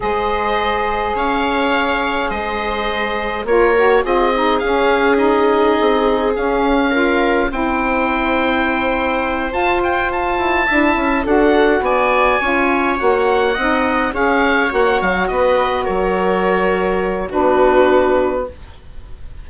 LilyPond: <<
  \new Staff \with { instrumentName = "oboe" } { \time 4/4 \tempo 4 = 104 dis''2 f''2 | dis''2 cis''4 dis''4 | f''4 dis''2 f''4~ | f''4 g''2.~ |
g''8 a''8 g''8 a''2 fis''8~ | fis''8 gis''2 fis''4.~ | fis''8 f''4 fis''8 f''8 dis''4 cis''8~ | cis''2 b'2 | }
  \new Staff \with { instrumentName = "viola" } { \time 4/4 c''2 cis''2 | c''2 ais'4 gis'4~ | gis'1 | ais'4 c''2.~ |
c''2~ c''8 e''4 a'8~ | a'8 d''4 cis''2 dis''8~ | dis''8 cis''2 b'4 ais'8~ | ais'2 fis'2 | }
  \new Staff \with { instrumentName = "saxophone" } { \time 4/4 gis'1~ | gis'2 f'8 fis'8 f'8 dis'8 | cis'4 dis'2 cis'4 | f'4 e'2.~ |
e'8 f'2 e'4 fis'8~ | fis'4. f'4 fis'4 dis'8~ | dis'8 gis'4 fis'2~ fis'8~ | fis'2 d'2 | }
  \new Staff \with { instrumentName = "bassoon" } { \time 4/4 gis2 cis'2 | gis2 ais4 c'4 | cis'2 c'4 cis'4~ | cis'4 c'2.~ |
c'8 f'4. e'8 d'8 cis'8 d'8~ | d'8 b4 cis'4 ais4 c'8~ | c'8 cis'4 ais8 fis8 b4 fis8~ | fis2 b2 | }
>>